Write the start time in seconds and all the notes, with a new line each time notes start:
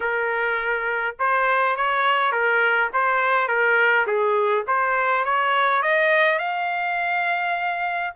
0.00 A#4
1.19 C5
1.76 C#5
2.31 A#4
2.93 C5
3.47 A#4
4.06 G#4
4.67 C5
5.25 C#5
5.82 D#5
6.39 F5